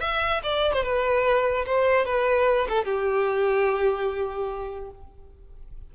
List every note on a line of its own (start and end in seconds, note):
0.00 0.41 E5
0.43 0.73 D5
0.73 0.83 C5
0.83 1.65 B4
1.66 2.05 C5
2.05 2.67 B4
2.69 2.85 A4
2.85 4.90 G4